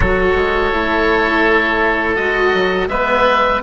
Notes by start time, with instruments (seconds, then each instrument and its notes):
0.00 bassoon F#3, cello F#4, oboe A4 C#5
0.34 bassoon G#3
0.72 bassoon A3, cello E4
2.15 bassoon G#3, cello F#4, oboe D#5
2.54 bassoon F#3
2.87 bassoon G#3, cello B3, oboe B4 E5